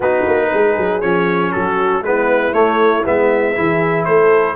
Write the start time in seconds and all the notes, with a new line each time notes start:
0.00 B3 D#4 F#4 B4
0.26 A#3
0.52 G#3 G#4
0.77 F#3
1.01 F3 C#4 C#5
1.51 F#3 F#4 A4
2.01 G#3 B3 E4 B4
2.52 A3 C#5
3.04 G#3 B3 E5
3.55 E3 E4 G#4
4.04 A3 A4 C5